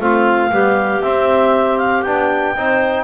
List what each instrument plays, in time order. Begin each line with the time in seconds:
0.00 double bass A3, trombone C4, clarinet F4 F5
0.51 trombone G3, double bass B3, clarinet G4
1.02 trombone C4, double bass C4, clarinet E5
1.78 clarinet F5
2.02 double bass B3, trombone D4, clarinet G5
2.56 double bass C4, trombone D#4, clarinet C5